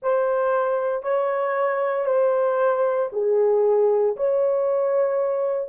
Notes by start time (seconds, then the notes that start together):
0.02 C5
1.03 C#5
2.05 C5
3.12 G#4
4.16 C#5